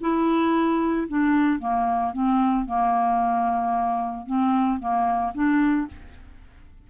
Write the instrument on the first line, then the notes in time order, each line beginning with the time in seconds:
clarinet
0.00 E4
1.07 D4
1.59 A#3
2.12 C4
2.65 A#3
4.26 C4
4.79 A#3
5.34 D4